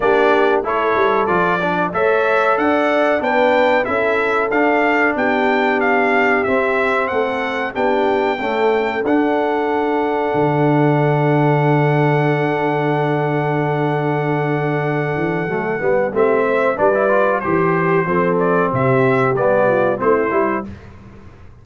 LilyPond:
<<
  \new Staff \with { instrumentName = "trumpet" } { \time 4/4 \tempo 4 = 93 d''4 cis''4 d''4 e''4 | fis''4 g''4 e''4 f''4 | g''4 f''4 e''4 fis''4 | g''2 fis''2~ |
fis''1~ | fis''1~ | fis''4 e''4 d''4 c''4~ | c''8 d''8 e''4 d''4 c''4 | }
  \new Staff \with { instrumentName = "horn" } { \time 4/4 g'4 a'4. d''8 cis''4 | d''4 b'4 a'2 | g'2. a'4 | g'4 a'2.~ |
a'1~ | a'1~ | a'4 g'8 c''8 b'4 g'4 | a'4 g'4. f'8 e'4 | }
  \new Staff \with { instrumentName = "trombone" } { \time 4/4 d'4 e'4 f'8 d'8 a'4~ | a'4 d'4 e'4 d'4~ | d'2 c'2 | d'4 a4 d'2~ |
d'1~ | d'1 | a8 b8 c'4 d'16 e'16 f'8 g'4 | c'2 b4 c'8 e'8 | }
  \new Staff \with { instrumentName = "tuba" } { \time 4/4 ais4 a8 g8 f4 a4 | d'4 b4 cis'4 d'4 | b2 c'4 a4 | b4 cis'4 d'2 |
d1~ | d2.~ d8 e8 | fis8 g8 a4 g4 e4 | f4 c4 g4 a8 g8 | }
>>